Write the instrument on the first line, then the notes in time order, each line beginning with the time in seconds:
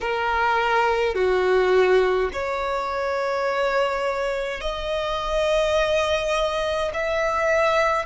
violin
0.01 A#4
1.14 F#4
2.32 C#5
4.60 D#5
6.93 E5